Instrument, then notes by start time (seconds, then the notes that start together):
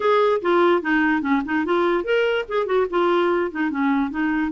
clarinet
0.00 G#4
0.41 F4
0.81 D#4
1.21 C#4
1.45 D#4
1.65 F4
2.04 A#4
2.48 G#4
2.65 F#4
2.90 F4
3.51 D#4
3.70 C#4
4.10 D#4